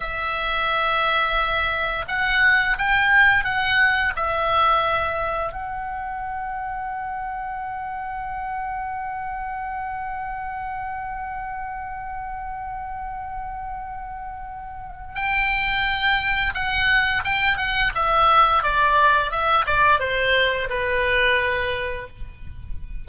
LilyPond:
\new Staff \with { instrumentName = "oboe" } { \time 4/4 \tempo 4 = 87 e''2. fis''4 | g''4 fis''4 e''2 | fis''1~ | fis''1~ |
fis''1~ | fis''2 g''2 | fis''4 g''8 fis''8 e''4 d''4 | e''8 d''8 c''4 b'2 | }